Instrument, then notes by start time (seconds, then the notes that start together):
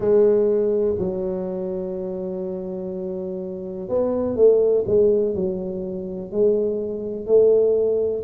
tuba
0.00 G#3
0.98 F#3
3.88 B3
4.35 A3
4.86 G#3
5.34 F#3
6.31 G#3
7.26 A3